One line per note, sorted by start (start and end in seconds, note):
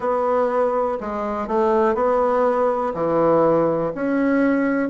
0.00 0.98 B3
1.00 1.48 G#3
1.48 1.94 A3
1.94 2.93 B3
2.94 3.92 E3
3.94 4.89 C#4